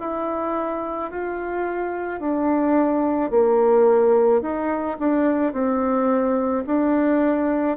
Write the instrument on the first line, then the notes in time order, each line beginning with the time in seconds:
bassoon
0.00 E4
1.11 F4
2.21 D4
3.31 A#3
4.42 D#4
4.99 D4
5.53 C4
6.67 D4